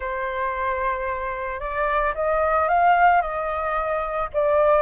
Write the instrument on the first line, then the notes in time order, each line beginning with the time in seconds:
flute
0.00 C5
1.59 D5
2.15 D#5
2.68 F5
3.21 D#5
4.33 D5